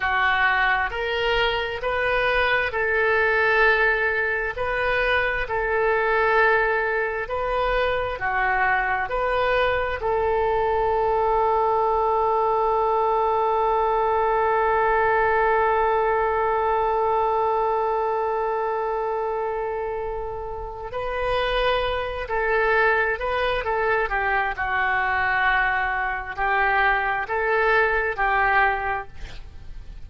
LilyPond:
\new Staff \with { instrumentName = "oboe" } { \time 4/4 \tempo 4 = 66 fis'4 ais'4 b'4 a'4~ | a'4 b'4 a'2 | b'4 fis'4 b'4 a'4~ | a'1~ |
a'1~ | a'2. b'4~ | b'8 a'4 b'8 a'8 g'8 fis'4~ | fis'4 g'4 a'4 g'4 | }